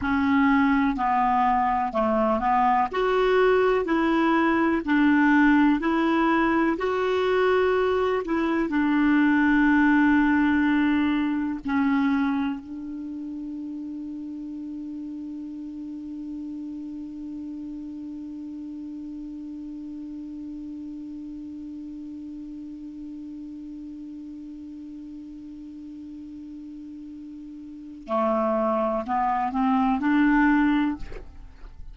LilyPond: \new Staff \with { instrumentName = "clarinet" } { \time 4/4 \tempo 4 = 62 cis'4 b4 a8 b8 fis'4 | e'4 d'4 e'4 fis'4~ | fis'8 e'8 d'2. | cis'4 d'2.~ |
d'1~ | d'1~ | d'1~ | d'4 a4 b8 c'8 d'4 | }